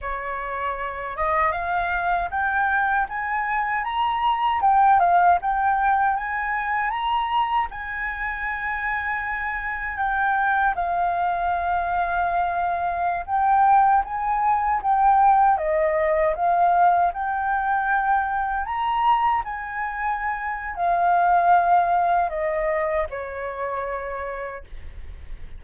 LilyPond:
\new Staff \with { instrumentName = "flute" } { \time 4/4 \tempo 4 = 78 cis''4. dis''8 f''4 g''4 | gis''4 ais''4 g''8 f''8 g''4 | gis''4 ais''4 gis''2~ | gis''4 g''4 f''2~ |
f''4~ f''16 g''4 gis''4 g''8.~ | g''16 dis''4 f''4 g''4.~ g''16~ | g''16 ais''4 gis''4.~ gis''16 f''4~ | f''4 dis''4 cis''2 | }